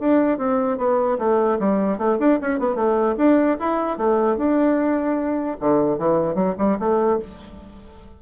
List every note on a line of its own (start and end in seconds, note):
0.00 0.39 D4
0.39 0.78 C4
0.78 1.18 B3
1.19 1.59 A3
1.59 1.99 G3
1.99 2.19 A3
2.19 2.39 D4
2.42 2.60 C#4
2.60 2.76 B3
2.76 3.16 A3
3.18 3.58 D4
3.60 3.98 E4
3.98 4.37 A3
4.37 5.57 D4
5.60 5.99 D3
5.99 6.35 E3
6.35 6.55 F#3
6.58 6.78 G3
6.79 7.19 A3